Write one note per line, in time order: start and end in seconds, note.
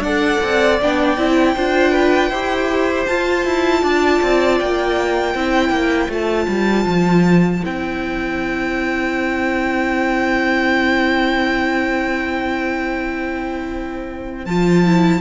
0.00 0.38 D4
0.00 0.81 A4
0.00 1.55 D5
0.00 0.79 F#5
0.44 0.82 C4
0.81 1.18 B3
0.81 1.18 D4
0.81 3.06 G5
1.18 1.56 C4
1.18 1.56 E4
1.55 2.30 D4
1.55 2.33 F4
1.55 1.92 C5
1.92 2.29 B4
2.29 3.06 E4
2.29 3.09 G4
2.29 3.81 C5
3.06 3.45 F4
3.06 5.36 F4
3.06 4.58 A5
3.45 3.83 E4
3.81 4.21 D4
3.81 5.33 D5
4.22 4.60 C4
4.59 5.35 A#3
4.59 6.11 G5
5.33 5.70 C4
5.33 6.09 E4
5.33 15.20 C5
5.70 6.08 A#3
6.09 6.47 A3
6.09 7.61 F4
6.09 7.64 A5
6.48 6.86 G3
6.86 7.62 F3
7.62 14.47 C4
7.62 14.46 E4
7.62 14.46 G5
14.46 15.21 F3
14.46 14.86 F4
14.46 15.21 A5
14.86 15.21 E4